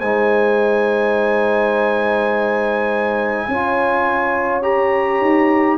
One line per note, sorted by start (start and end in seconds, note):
0.00 3.48 G#3
0.00 3.50 D#4
0.00 3.46 C5
0.00 4.62 G#5
3.48 5.21 C#4
3.48 4.63 F4
3.48 5.79 C#5
4.63 5.78 G4
4.63 5.78 A#5
5.21 5.79 D#4